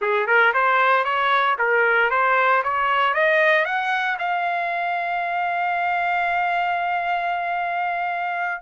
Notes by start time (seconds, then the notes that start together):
0.01 G#4
0.26 A#4
0.53 C5
1.04 C#5
1.58 A#4
2.10 C5
2.63 C#5
3.14 D#5
3.65 F#5
4.18 F5